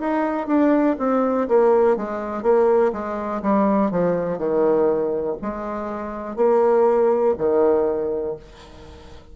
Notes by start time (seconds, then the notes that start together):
0.00 D#4
0.47 D4
0.99 C4
1.48 A#3
1.97 G#3
2.43 A#3
2.93 G#3
3.42 G3
3.91 F3
4.38 D#3
5.42 G#3
6.36 A#3
7.38 D#3